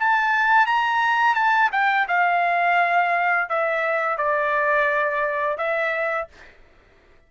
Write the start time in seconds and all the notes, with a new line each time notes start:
0.00 A5
0.67 A#5
1.35 A5
1.73 G5
2.08 F5
3.49 E5
4.18 D5
5.58 E5